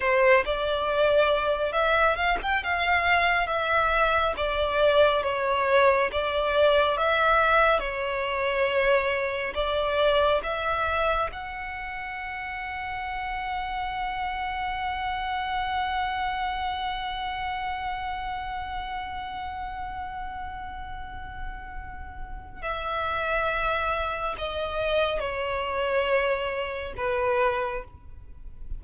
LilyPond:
\new Staff \with { instrumentName = "violin" } { \time 4/4 \tempo 4 = 69 c''8 d''4. e''8 f''16 g''16 f''4 | e''4 d''4 cis''4 d''4 | e''4 cis''2 d''4 | e''4 fis''2.~ |
fis''1~ | fis''1~ | fis''2 e''2 | dis''4 cis''2 b'4 | }